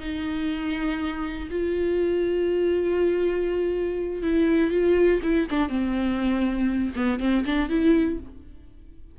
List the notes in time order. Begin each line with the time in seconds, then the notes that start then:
0.00 D#4
1.50 F4
4.22 E4
4.71 F4
5.23 E4
5.50 D4
5.69 C4
6.95 B3
7.20 C4
7.45 D4
7.69 E4